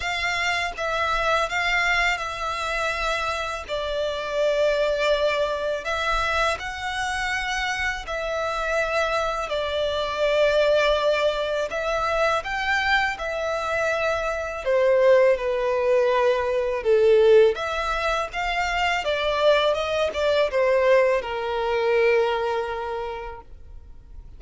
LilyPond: \new Staff \with { instrumentName = "violin" } { \time 4/4 \tempo 4 = 82 f''4 e''4 f''4 e''4~ | e''4 d''2. | e''4 fis''2 e''4~ | e''4 d''2. |
e''4 g''4 e''2 | c''4 b'2 a'4 | e''4 f''4 d''4 dis''8 d''8 | c''4 ais'2. | }